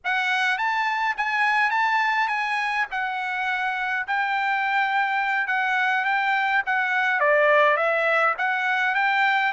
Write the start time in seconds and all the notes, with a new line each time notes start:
0.04 F#5
0.58 A5
1.17 G#5
1.70 A5
2.28 G#5
2.91 F#5
4.07 G5
5.47 F#5
6.04 G5
6.66 F#5
7.20 D5
7.76 E5
8.38 F#5
8.94 G5